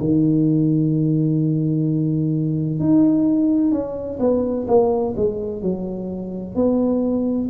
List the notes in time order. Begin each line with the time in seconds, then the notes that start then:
0.00 D#3
2.80 D#4
3.72 C#4
4.20 B3
4.68 A#3
5.17 G#3
5.62 F#3
6.56 B3